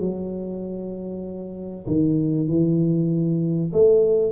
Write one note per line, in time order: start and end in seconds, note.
0.00 1.86 F#3
1.87 2.48 D#3
2.48 3.72 E3
3.73 4.32 A3